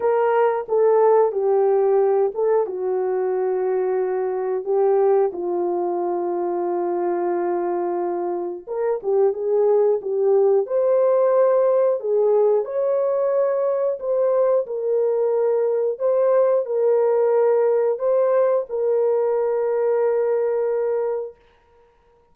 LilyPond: \new Staff \with { instrumentName = "horn" } { \time 4/4 \tempo 4 = 90 ais'4 a'4 g'4. a'8 | fis'2. g'4 | f'1~ | f'4 ais'8 g'8 gis'4 g'4 |
c''2 gis'4 cis''4~ | cis''4 c''4 ais'2 | c''4 ais'2 c''4 | ais'1 | }